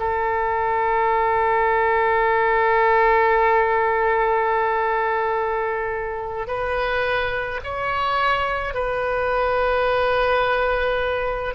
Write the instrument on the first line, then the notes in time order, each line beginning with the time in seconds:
oboe
0.00 A4
6.48 B4
7.64 C#5
8.75 B4